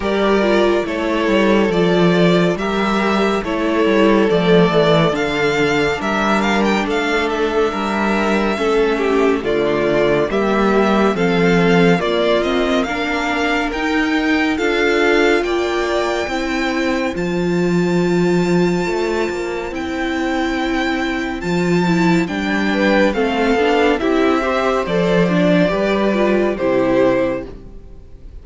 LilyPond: <<
  \new Staff \with { instrumentName = "violin" } { \time 4/4 \tempo 4 = 70 d''4 cis''4 d''4 e''4 | cis''4 d''4 f''4 e''8 f''16 g''16 | f''8 e''2~ e''8 d''4 | e''4 f''4 d''8 dis''8 f''4 |
g''4 f''4 g''2 | a''2. g''4~ | g''4 a''4 g''4 f''4 | e''4 d''2 c''4 | }
  \new Staff \with { instrumentName = "violin" } { \time 4/4 ais'4 a'2 ais'4 | a'2. ais'4 | a'4 ais'4 a'8 g'8 f'4 | g'4 a'4 f'4 ais'4~ |
ais'4 a'4 d''4 c''4~ | c''1~ | c''2~ c''8 b'8 a'4 | g'8 c''4. b'4 g'4 | }
  \new Staff \with { instrumentName = "viola" } { \time 4/4 g'8 f'8 e'4 f'4 g'4 | e'4 a4 d'2~ | d'2 cis'4 a4 | ais4 c'4 ais8 c'8 d'4 |
dis'4 f'2 e'4 | f'2. e'4~ | e'4 f'8 e'8 d'4 c'8 d'8 | e'8 g'8 a'8 d'8 g'8 f'8 e'4 | }
  \new Staff \with { instrumentName = "cello" } { \time 4/4 g4 a8 g8 f4 g4 | a8 g8 f8 e8 d4 g4 | a4 g4 a4 d4 | g4 f4 ais2 |
dis'4 d'4 ais4 c'4 | f2 a8 ais8 c'4~ | c'4 f4 g4 a8 b8 | c'4 f4 g4 c4 | }
>>